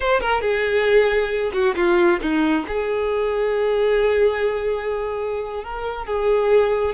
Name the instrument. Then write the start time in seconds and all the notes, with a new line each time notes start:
violin
0.00 C5
0.21 A#4
0.41 G#4
1.53 F#4
1.75 F4
2.21 D#4
2.67 G#4
5.64 A#4
6.06 G#4